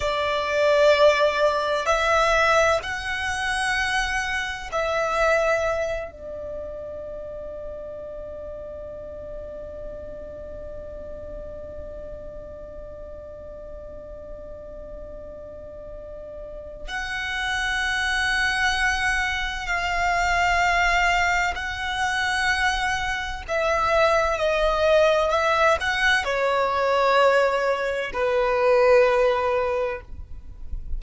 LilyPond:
\new Staff \with { instrumentName = "violin" } { \time 4/4 \tempo 4 = 64 d''2 e''4 fis''4~ | fis''4 e''4. d''4.~ | d''1~ | d''1~ |
d''2 fis''2~ | fis''4 f''2 fis''4~ | fis''4 e''4 dis''4 e''8 fis''8 | cis''2 b'2 | }